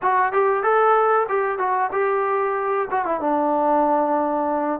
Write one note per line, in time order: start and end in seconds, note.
0.02 0.32 F#4
0.32 0.63 G4
0.63 1.26 A4
1.29 1.58 G4
1.58 1.90 F#4
1.92 2.88 G4
2.90 3.05 F#4
3.05 3.20 E4
3.20 4.80 D4